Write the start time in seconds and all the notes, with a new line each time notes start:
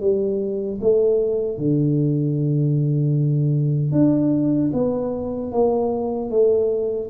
0.00 G3
0.81 A3
1.58 D3
3.92 D4
4.73 B3
5.52 A#3
6.30 A3